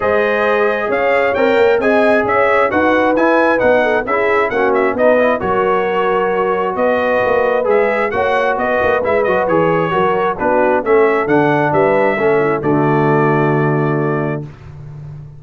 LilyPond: <<
  \new Staff \with { instrumentName = "trumpet" } { \time 4/4 \tempo 4 = 133 dis''2 f''4 g''4 | gis''4 e''4 fis''4 gis''4 | fis''4 e''4 fis''8 e''8 dis''4 | cis''2. dis''4~ |
dis''4 e''4 fis''4 dis''4 | e''8 dis''8 cis''2 b'4 | e''4 fis''4 e''2 | d''1 | }
  \new Staff \with { instrumentName = "horn" } { \time 4/4 c''2 cis''2 | dis''4 cis''4 b'2~ | b'8 a'8 gis'4 fis'4 b'4 | ais'2. b'4~ |
b'2 cis''4 b'4~ | b'2 ais'4 fis'4 | a'2 b'4 a'8 e'8 | fis'1 | }
  \new Staff \with { instrumentName = "trombone" } { \time 4/4 gis'2. ais'4 | gis'2 fis'4 e'4 | dis'4 e'4 cis'4 dis'8 e'8 | fis'1~ |
fis'4 gis'4 fis'2 | e'8 fis'8 gis'4 fis'4 d'4 | cis'4 d'2 cis'4 | a1 | }
  \new Staff \with { instrumentName = "tuba" } { \time 4/4 gis2 cis'4 c'8 ais8 | c'4 cis'4 dis'4 e'4 | b4 cis'4 ais4 b4 | fis2. b4 |
ais4 gis4 ais4 b8 ais8 | gis8 fis8 e4 fis4 b4 | a4 d4 g4 a4 | d1 | }
>>